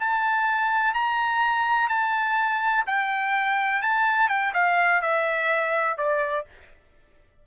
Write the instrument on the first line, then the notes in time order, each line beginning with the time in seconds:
trumpet
0.00 A5
0.94 A#5
1.89 A5
2.86 G5
3.82 A5
4.29 G5
4.54 F5
5.02 E5
5.98 D5